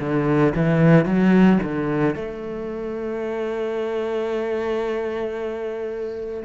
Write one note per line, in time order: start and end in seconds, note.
0.00 0.54 D3
0.56 1.06 E3
1.06 1.59 F#3
1.63 2.15 D3
2.15 6.44 A3